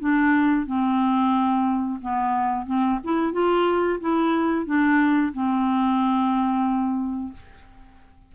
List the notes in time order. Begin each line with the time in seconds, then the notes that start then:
0.00 D4
0.66 C4
2.02 B3
2.66 C4
3.04 E4
3.33 F4
4.00 E4
4.66 D4
5.33 C4